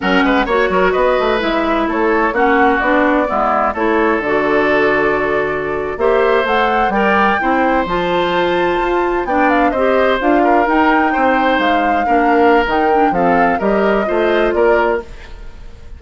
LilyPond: <<
  \new Staff \with { instrumentName = "flute" } { \time 4/4 \tempo 4 = 128 fis''4 cis''4 dis''4 e''4 | cis''4 fis''4 d''2 | cis''4 d''2.~ | d''8. e''4 fis''4 g''4~ g''16~ |
g''8. a''2. g''16~ | g''16 f''8 dis''4 f''4 g''4~ g''16~ | g''8. f''2~ f''16 g''4 | f''4 dis''2 d''4 | }
  \new Staff \with { instrumentName = "oboe" } { \time 4/4 ais'8 b'8 cis''8 ais'8 b'2 | a'4 fis'2 e'4 | a'1~ | a'8. c''2 d''4 c''16~ |
c''2.~ c''8. d''16~ | d''8. c''4. ais'4. c''16~ | c''4.~ c''16 ais'2~ ais'16 | a'4 ais'4 c''4 ais'4 | }
  \new Staff \with { instrumentName = "clarinet" } { \time 4/4 cis'4 fis'2 e'4~ | e'4 cis'4 d'4 b4 | e'4 fis'2.~ | fis'8. g'4 a'4 ais'4 e'16~ |
e'8. f'2. d'16~ | d'8. g'4 f'4 dis'4~ dis'16~ | dis'4.~ dis'16 d'4~ d'16 dis'8 d'8 | c'4 g'4 f'2 | }
  \new Staff \with { instrumentName = "bassoon" } { \time 4/4 fis8 gis8 ais8 fis8 b8 a8 gis4 | a4 ais4 b4 gis4 | a4 d2.~ | d8. ais4 a4 g4 c'16~ |
c'8. f2 f'4 b16~ | b8. c'4 d'4 dis'4 c'16~ | c'8. gis4 ais4~ ais16 dis4 | f4 g4 a4 ais4 | }
>>